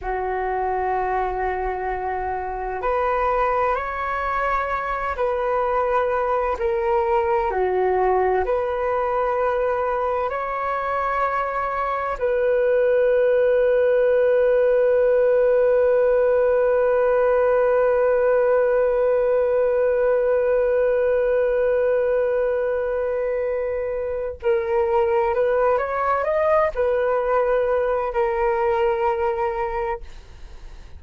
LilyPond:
\new Staff \with { instrumentName = "flute" } { \time 4/4 \tempo 4 = 64 fis'2. b'4 | cis''4. b'4. ais'4 | fis'4 b'2 cis''4~ | cis''4 b'2.~ |
b'1~ | b'1~ | b'2 ais'4 b'8 cis''8 | dis''8 b'4. ais'2 | }